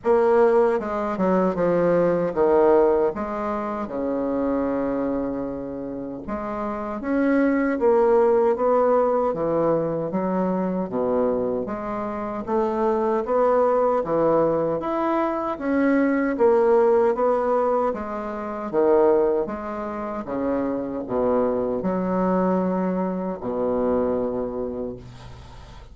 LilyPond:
\new Staff \with { instrumentName = "bassoon" } { \time 4/4 \tempo 4 = 77 ais4 gis8 fis8 f4 dis4 | gis4 cis2. | gis4 cis'4 ais4 b4 | e4 fis4 b,4 gis4 |
a4 b4 e4 e'4 | cis'4 ais4 b4 gis4 | dis4 gis4 cis4 b,4 | fis2 b,2 | }